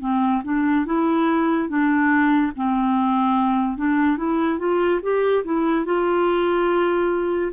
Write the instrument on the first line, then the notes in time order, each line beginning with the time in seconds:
clarinet
0.00 C4
0.44 D4
0.85 E4
1.68 D4
2.56 C4
3.77 D4
4.17 E4
4.58 F4
5.02 G4
5.44 E4
5.84 F4